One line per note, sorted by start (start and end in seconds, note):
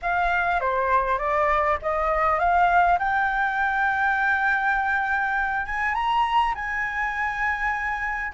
0.01 0.60 F5
0.60 1.18 C5
1.18 1.77 D5
1.81 2.39 D#5
2.39 2.98 F5
2.99 5.66 G5
5.66 5.94 G#5
5.94 6.53 A#5
6.54 8.32 G#5